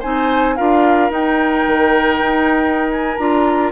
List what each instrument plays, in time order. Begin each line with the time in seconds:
0.00 bassoon C4, clarinet D#4, oboe C5, flute G#5
0.56 bassoon D4, clarinet F4, oboe A#4, flute F5
1.10 bassoon D#4, clarinet D#4, flute G5
1.67 bassoon D#3
2.21 bassoon D#4
2.92 flute G#5
3.17 bassoon D4, clarinet F4, flute A#5